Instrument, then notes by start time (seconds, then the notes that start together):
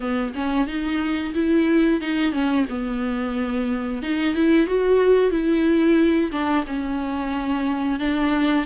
viola
0.00 B3
0.34 C#4
0.67 D#4
1.34 E4
2.00 D#4
2.32 C#4
2.68 B3
4.02 D#4
4.35 E4
4.67 F#4
5.31 E4
6.31 D4
6.66 C#4
7.99 D4